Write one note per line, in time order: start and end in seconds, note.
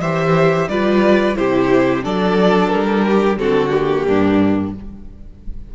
0.00 0.67 E3
0.00 0.70 G4
0.00 0.68 C5
0.00 0.69 E5
0.69 1.36 G3
0.69 1.36 F4
0.69 1.37 B4
0.69 1.36 D5
1.36 2.05 C3
1.36 2.03 E4
1.36 2.04 G4
1.36 2.03 C5
2.03 2.73 F#3
2.03 3.38 D4
2.03 3.05 A4
2.03 2.69 D5
2.69 3.37 G3
2.69 3.37 A#4
3.05 3.39 G4
3.37 4.05 D3
3.37 3.70 C4
3.37 4.07 F#4
3.37 3.70 A4
3.70 4.71 A#3
3.70 4.71 G4
4.07 4.75 G2
4.07 4.74 D4